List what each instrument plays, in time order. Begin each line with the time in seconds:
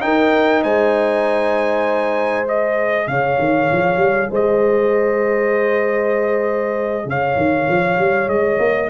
0.00 trombone D#4, tuba D#4, horn A#4, trumpet G5
0.62 tuba G#3, horn C5, trumpet G#5
2.45 trombone G#4, trumpet D#5
3.07 tuba C#3, horn C#5, trumpet F5
3.38 tuba D#3
3.71 tuba F3
3.96 tuba G3
4.30 tuba G#3, horn C5, trumpet D#5
7.05 tuba C#3, horn C#5, trumpet F5
7.36 tuba D#3
7.68 tuba F3
7.97 tuba G3
8.27 tuba G#3, trumpet D#5
8.58 tuba A#3